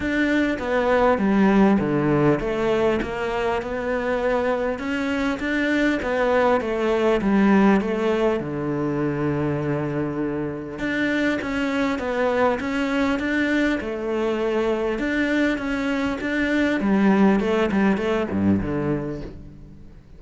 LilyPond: \new Staff \with { instrumentName = "cello" } { \time 4/4 \tempo 4 = 100 d'4 b4 g4 d4 | a4 ais4 b2 | cis'4 d'4 b4 a4 | g4 a4 d2~ |
d2 d'4 cis'4 | b4 cis'4 d'4 a4~ | a4 d'4 cis'4 d'4 | g4 a8 g8 a8 g,8 d4 | }